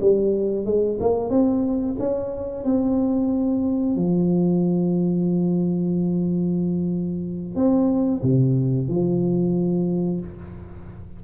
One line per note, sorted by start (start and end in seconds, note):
0.00 0.65 G3
0.65 0.98 G#3
1.00 1.29 A#3
1.29 1.95 C4
1.99 2.64 C#4
2.64 3.96 C4
3.96 7.55 F3
7.55 8.21 C4
8.22 8.88 C3
8.88 10.20 F3